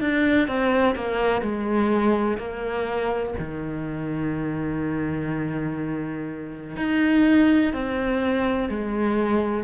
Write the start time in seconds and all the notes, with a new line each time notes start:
0.00 D4
0.47 C4
0.95 A#3
1.41 G#3
2.37 A#3
3.38 D#3
6.76 D#4
7.72 C4
8.69 G#3